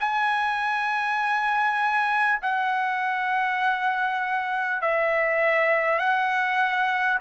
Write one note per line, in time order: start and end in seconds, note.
0.00 2.40 G#5
2.42 4.81 F#5
4.81 5.98 E5
5.98 7.18 F#5